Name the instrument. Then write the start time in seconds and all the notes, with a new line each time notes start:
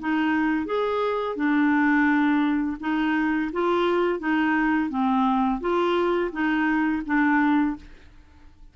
clarinet
0.00 D#4
0.66 G#4
1.36 D4
2.81 D#4
3.53 F4
4.20 D#4
4.90 C4
5.61 F4
6.32 D#4
7.06 D4